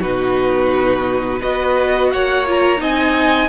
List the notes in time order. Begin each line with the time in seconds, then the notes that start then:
0.00 B2 D#4 F#4 B4
1.40 B3 F#4 B4 D#5
2.11 A#3 C#5 F#5
2.47 F4 A#5
2.77 C4 D#4 D#5 G#5